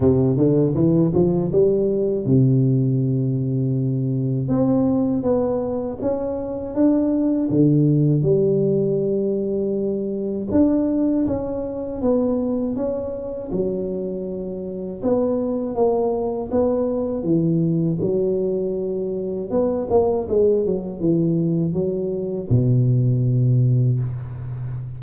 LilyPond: \new Staff \with { instrumentName = "tuba" } { \time 4/4 \tempo 4 = 80 c8 d8 e8 f8 g4 c4~ | c2 c'4 b4 | cis'4 d'4 d4 g4~ | g2 d'4 cis'4 |
b4 cis'4 fis2 | b4 ais4 b4 e4 | fis2 b8 ais8 gis8 fis8 | e4 fis4 b,2 | }